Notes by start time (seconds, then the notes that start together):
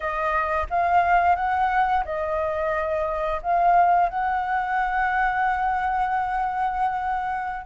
0.00 D#5
0.70 F5
1.35 F#5
2.04 D#5
3.42 F5
4.09 F#5